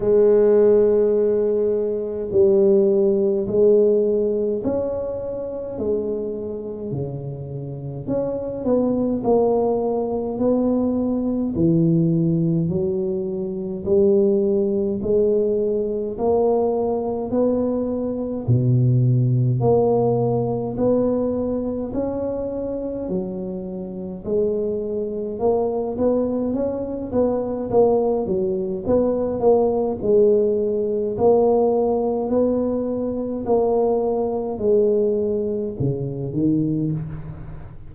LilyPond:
\new Staff \with { instrumentName = "tuba" } { \time 4/4 \tempo 4 = 52 gis2 g4 gis4 | cis'4 gis4 cis4 cis'8 b8 | ais4 b4 e4 fis4 | g4 gis4 ais4 b4 |
b,4 ais4 b4 cis'4 | fis4 gis4 ais8 b8 cis'8 b8 | ais8 fis8 b8 ais8 gis4 ais4 | b4 ais4 gis4 cis8 dis8 | }